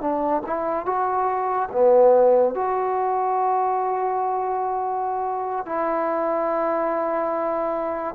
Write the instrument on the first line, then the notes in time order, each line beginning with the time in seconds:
trombone
0.00 D4
0.45 E4
0.85 F#4
1.72 B3
2.54 F#4
5.65 E4